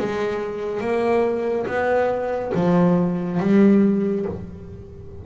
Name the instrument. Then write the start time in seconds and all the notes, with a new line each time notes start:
double bass
0.00 G#3
0.81 A#3
1.67 B3
2.55 F3
3.40 G3